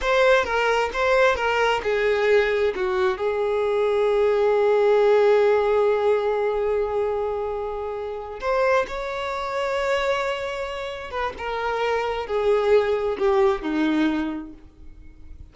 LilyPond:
\new Staff \with { instrumentName = "violin" } { \time 4/4 \tempo 4 = 132 c''4 ais'4 c''4 ais'4 | gis'2 fis'4 gis'4~ | gis'1~ | gis'1~ |
gis'2~ gis'8 c''4 cis''8~ | cis''1~ | cis''8 b'8 ais'2 gis'4~ | gis'4 g'4 dis'2 | }